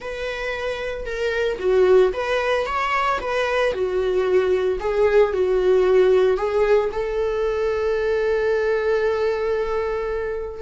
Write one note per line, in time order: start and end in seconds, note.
0.00 1.05 B4
1.05 1.58 A#4
1.59 2.12 F#4
2.13 2.66 B4
2.66 3.19 C#5
3.20 3.72 B4
3.72 4.79 F#4
4.80 5.33 G#4
5.33 6.37 F#4
6.37 6.90 G#4
6.92 10.62 A4